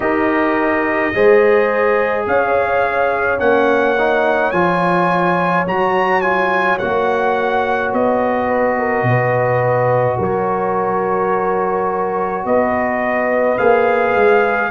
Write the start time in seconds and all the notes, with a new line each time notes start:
0.00 D#4 G4 A#4 D#5
1.13 G#3 G#4 C5
2.26 C#4 C#5 F5
3.39 A#3 C#4 F#5
3.98 D#4
4.51 F3 F4 G#5
5.66 F#3 F#4 A#5
6.21 F4 G#5
6.78 A#3 F#4 F#5
7.92 B3 D#5
8.47 B4
8.79 A#4
9.03 B2 B4
10.18 F#3 A#4 C#5
12.45 B3 B4 D#5
13.58 A#3 G#4 F5
14.15 G#3